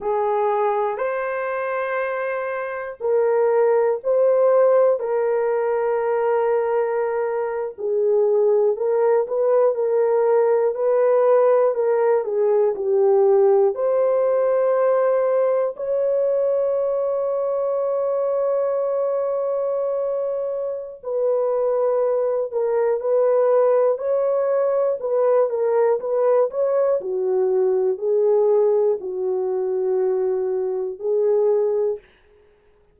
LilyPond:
\new Staff \with { instrumentName = "horn" } { \time 4/4 \tempo 4 = 60 gis'4 c''2 ais'4 | c''4 ais'2~ ais'8. gis'16~ | gis'8. ais'8 b'8 ais'4 b'4 ais'16~ | ais'16 gis'8 g'4 c''2 cis''16~ |
cis''1~ | cis''4 b'4. ais'8 b'4 | cis''4 b'8 ais'8 b'8 cis''8 fis'4 | gis'4 fis'2 gis'4 | }